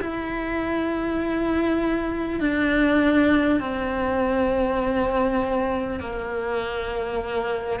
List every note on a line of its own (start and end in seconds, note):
0.00 2.40 E4
2.40 3.60 D4
3.60 5.99 C4
5.99 7.79 A#3